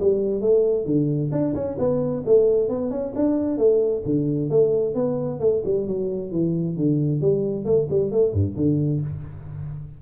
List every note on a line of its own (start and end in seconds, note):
0.00 0.41 G3
0.41 0.86 A3
0.86 1.31 D3
1.32 1.54 D4
1.54 1.77 C#4
1.78 2.24 B3
2.26 2.69 A3
2.69 2.91 B3
2.91 3.13 C#4
3.15 3.58 D4
3.58 4.03 A3
4.05 4.50 D3
4.50 4.95 A3
4.95 5.40 B3
5.40 5.62 A3
5.65 5.87 G3
5.87 6.31 F#3
6.31 6.76 E3
6.77 7.21 D3
7.21 7.65 G3
7.65 7.88 A3
7.90 8.11 G3
8.11 8.33 A3
8.33 8.56 G2
8.56 9.01 D3